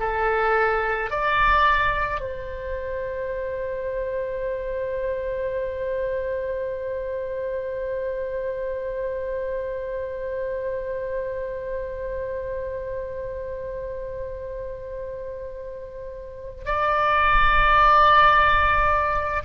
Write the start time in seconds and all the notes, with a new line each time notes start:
0.00 A4
1.11 D5
2.21 C5
16.66 D5